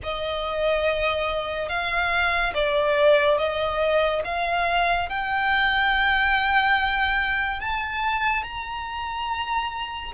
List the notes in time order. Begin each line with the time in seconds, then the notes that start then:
0.03 D#5
1.68 F5
2.54 D5
3.38 D#5
4.24 F5
5.09 G5
7.60 A5
8.43 A#5